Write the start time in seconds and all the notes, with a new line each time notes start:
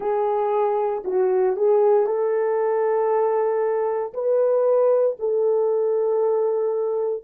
0.00 G#4
1.04 F#4
1.56 G#4
2.06 A4
4.13 B4
5.19 A4